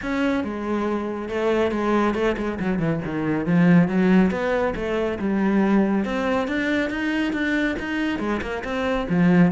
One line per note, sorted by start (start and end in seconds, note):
0.02 0.44 C#4
0.44 1.28 G#3
1.28 1.71 A3
1.71 2.14 G#3
2.14 2.36 A3
2.37 2.58 G#3
2.59 2.78 F#3
2.78 3.00 E3
3.05 3.46 D#3
3.46 3.88 F3
3.88 4.30 F#3
4.30 4.74 B3
4.75 5.18 A3
5.19 6.04 G3
6.04 6.47 C4
6.47 6.89 D4
6.89 7.32 D#4
7.32 7.76 D4
7.79 8.19 D#4
8.19 8.41 G#3
8.41 8.63 A#3
8.64 9.07 C4
9.09 9.51 F3